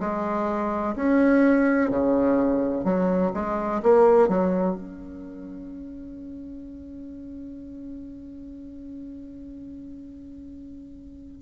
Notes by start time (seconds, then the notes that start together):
0.00 G#3
0.96 C#4
1.90 C#3
2.84 F#3
3.34 G#3
3.83 A#3
4.28 F#3
4.76 C#4